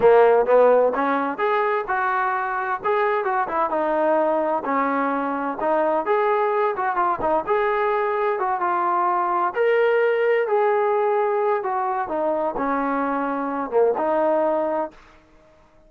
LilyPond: \new Staff \with { instrumentName = "trombone" } { \time 4/4 \tempo 4 = 129 ais4 b4 cis'4 gis'4 | fis'2 gis'4 fis'8 e'8 | dis'2 cis'2 | dis'4 gis'4. fis'8 f'8 dis'8 |
gis'2 fis'8 f'4.~ | f'8 ais'2 gis'4.~ | gis'4 fis'4 dis'4 cis'4~ | cis'4. ais8 dis'2 | }